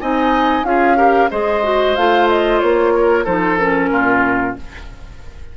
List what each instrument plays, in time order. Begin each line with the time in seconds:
0.00 bassoon C4, clarinet D#4, oboe D#5, flute G#5
0.63 bassoon C#4, clarinet F4, oboe G#4, flute F5
0.97 clarinet G4, oboe A#4
1.31 bassoon G#3, clarinet G#4, oboe C5, flute D#5
1.63 clarinet F#4
1.96 bassoon A3, clarinet F4, flute F5
2.29 flute D#5
2.60 bassoon A#3, flute C#5
2.95 oboe A#4
3.24 bassoon F3, clarinet D#4, oboe A4, flute C5
3.58 clarinet C#4, flute A#4
3.91 bassoon A#2, oboe F4